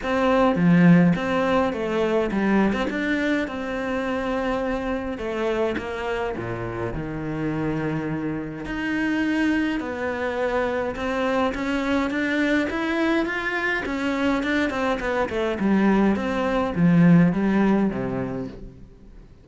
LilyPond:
\new Staff \with { instrumentName = "cello" } { \time 4/4 \tempo 4 = 104 c'4 f4 c'4 a4 | g8. c'16 d'4 c'2~ | c'4 a4 ais4 ais,4 | dis2. dis'4~ |
dis'4 b2 c'4 | cis'4 d'4 e'4 f'4 | cis'4 d'8 c'8 b8 a8 g4 | c'4 f4 g4 c4 | }